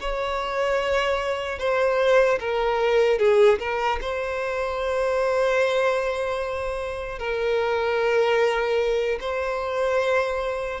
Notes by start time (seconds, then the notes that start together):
0.00 C#5
1.59 C5
2.39 A#4
3.18 G#4
3.59 A#4
4.01 C5
7.19 A#4
9.20 C5